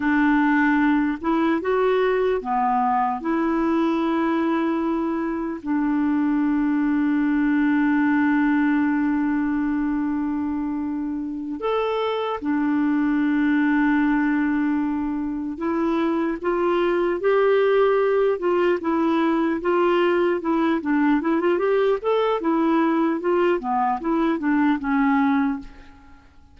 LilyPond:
\new Staff \with { instrumentName = "clarinet" } { \time 4/4 \tempo 4 = 75 d'4. e'8 fis'4 b4 | e'2. d'4~ | d'1~ | d'2~ d'8 a'4 d'8~ |
d'2.~ d'8 e'8~ | e'8 f'4 g'4. f'8 e'8~ | e'8 f'4 e'8 d'8 e'16 f'16 g'8 a'8 | e'4 f'8 b8 e'8 d'8 cis'4 | }